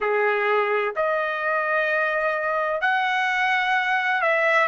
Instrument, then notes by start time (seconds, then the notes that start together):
trumpet
0.00 G#4
0.96 D#5
2.81 F#5
4.21 E5